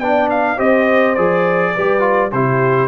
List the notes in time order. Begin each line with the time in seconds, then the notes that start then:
0.00 B3 D4 D5 G5
0.31 F5
0.57 C4 G4 C5 D#5
1.15 F3 G#4 D5
1.74 G3 G4 B4
2.00 F4
2.32 C3 E4 G4 C5